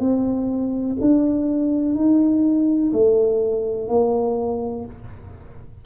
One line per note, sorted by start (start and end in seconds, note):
0.00 0.97 C4
1.01 1.95 D4
1.95 2.92 D#4
2.93 3.88 A3
3.88 4.85 A#3